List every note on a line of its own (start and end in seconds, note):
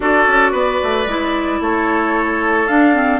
0.00 0.26 D4
0.00 1.07 F#4
0.00 0.51 A4
0.00 1.62 D5
0.27 0.52 C#4
0.51 0.79 B3
0.51 1.58 B4
0.83 1.06 A3
1.06 1.59 G#3
1.06 2.68 E4
1.60 2.67 A3
1.60 3.19 A4
1.60 2.67 C#5
2.67 3.19 D4
2.67 2.94 D4
2.67 3.19 F5
2.94 3.19 C4